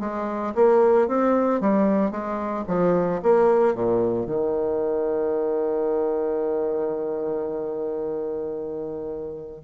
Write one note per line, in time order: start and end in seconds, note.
0.00 0.54 G#3
0.55 1.08 A#3
1.08 1.61 C4
1.61 2.11 G3
2.11 2.65 G#3
2.67 3.21 F3
3.22 3.75 A#3
3.75 4.26 A#2
4.26 9.62 D#3